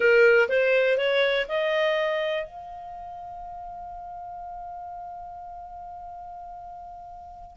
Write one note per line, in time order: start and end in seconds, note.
0.00 0.48 A#4
0.48 0.97 C5
0.97 1.46 C#5
1.48 2.45 D#5
2.45 7.56 F5